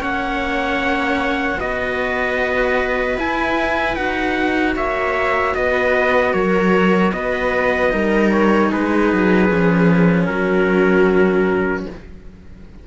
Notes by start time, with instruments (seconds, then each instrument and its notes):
0.00 cello A#3 C#4, viola C#5, trumpet F#5
1.60 cello B3 F#4, viola B4, trumpet D#5
3.18 cello E4, trumpet G#5
3.96 cello D#4 F#4, trumpet F#5
4.76 cello A#3, viola C#5, trumpet E5
5.55 cello B3, viola B4, trumpet D#5
6.34 cello F#3, viola A#4, trumpet C#5
7.13 cello B3, viola B4, trumpet D#5
7.91 cello G3 D#4, viola A#4
8.32 trumpet C#5
8.71 cello G#3, viola G#4, trumpet B4
9.13 cello F#3
9.50 cello F3 C#4
10.26 cello F#3, viola F#4, trumpet A#4